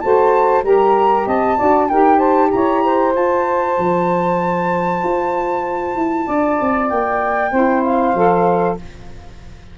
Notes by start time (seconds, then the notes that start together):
0.00 A3 F#4 C5 A5
0.63 G3 G4 A#4 A#5
1.26 C4 D#5 A5
1.57 D4 F#4 D5
1.89 D#4 G4 A#4 G5
2.18 C5 A5
2.51 E4 C#5 A#5
2.84 C5
3.15 F4 A5
3.78 F3
5.04 F4
5.95 E4
6.27 D4 D5
6.61 C4
6.89 A#3 G5
7.52 C4 E4 C5
7.84 F5
8.14 F3 A4